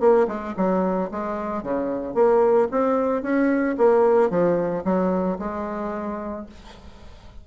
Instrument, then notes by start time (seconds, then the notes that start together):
bassoon
0.00 A#3
0.28 G#3
0.57 F#3
1.11 G#3
1.63 C#3
2.15 A#3
2.71 C4
3.23 C#4
3.78 A#3
4.30 F3
4.85 F#3
5.39 G#3